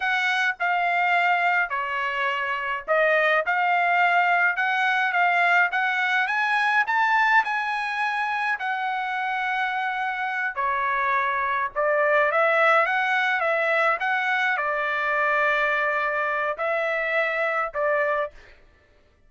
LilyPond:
\new Staff \with { instrumentName = "trumpet" } { \time 4/4 \tempo 4 = 105 fis''4 f''2 cis''4~ | cis''4 dis''4 f''2 | fis''4 f''4 fis''4 gis''4 | a''4 gis''2 fis''4~ |
fis''2~ fis''8 cis''4.~ | cis''8 d''4 e''4 fis''4 e''8~ | e''8 fis''4 d''2~ d''8~ | d''4 e''2 d''4 | }